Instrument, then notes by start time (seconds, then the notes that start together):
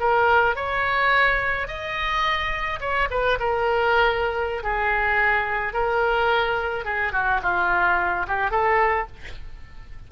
oboe
0.00 A#4
0.56 C#5
1.67 D#5
2.80 C#5
3.10 B4
3.40 A#4
4.63 G#4
5.73 A#4
6.85 G#4
7.12 F#4
7.42 F4
8.28 G4
8.51 A4